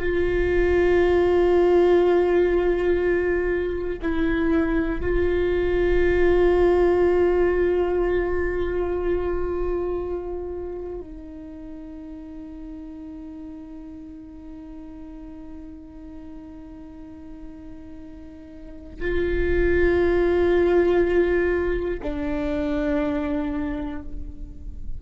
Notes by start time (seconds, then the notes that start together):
0.00 F4
4.02 E4
5.01 F4
11.01 D#4
19.01 F4
22.03 D4